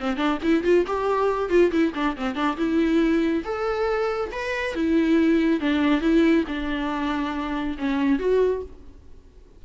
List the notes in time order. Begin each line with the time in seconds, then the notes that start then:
0.00 C4
0.17 D4
0.43 E4
0.64 F4
0.87 G4
1.50 F4
1.71 E4
1.95 D4
2.17 C4
2.35 D4
2.57 E4
3.45 A4
4.32 B4
4.75 E4
5.61 D4
6.01 E4
6.48 D4
7.78 C#4
8.19 F#4